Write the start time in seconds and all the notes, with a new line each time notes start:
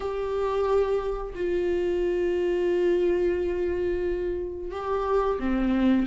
0.00 G4
1.35 F4
4.71 G4
5.39 C4